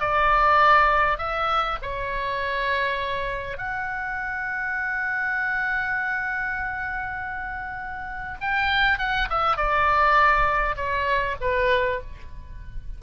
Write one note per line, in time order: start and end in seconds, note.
0.00 1.18 D5
1.18 1.78 E5
1.82 3.58 C#5
3.58 8.38 F#5
8.41 8.98 G5
8.98 9.28 F#5
9.30 9.56 E5
9.56 10.76 D5
10.76 11.36 C#5
11.41 12.01 B4